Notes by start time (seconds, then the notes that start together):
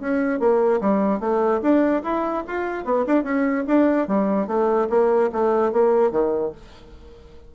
0.00 C#4
0.40 A#3
0.81 G3
1.20 A3
1.62 D4
2.03 E4
2.47 F4
2.85 B3
3.07 D4
3.24 C#4
3.67 D4
4.08 G3
4.47 A3
4.90 A#3
5.32 A3
5.72 A#3
6.12 D#3